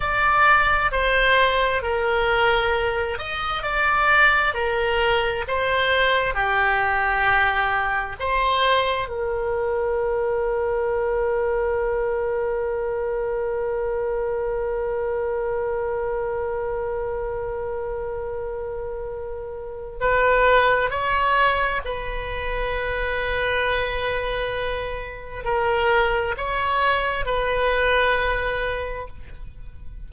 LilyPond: \new Staff \with { instrumentName = "oboe" } { \time 4/4 \tempo 4 = 66 d''4 c''4 ais'4. dis''8 | d''4 ais'4 c''4 g'4~ | g'4 c''4 ais'2~ | ais'1~ |
ais'1~ | ais'2 b'4 cis''4 | b'1 | ais'4 cis''4 b'2 | }